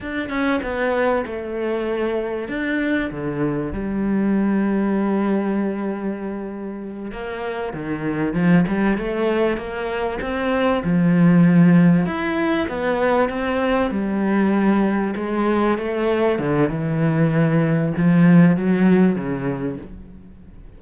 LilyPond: \new Staff \with { instrumentName = "cello" } { \time 4/4 \tempo 4 = 97 d'8 cis'8 b4 a2 | d'4 d4 g2~ | g2.~ g8 ais8~ | ais8 dis4 f8 g8 a4 ais8~ |
ais8 c'4 f2 e'8~ | e'8 b4 c'4 g4.~ | g8 gis4 a4 d8 e4~ | e4 f4 fis4 cis4 | }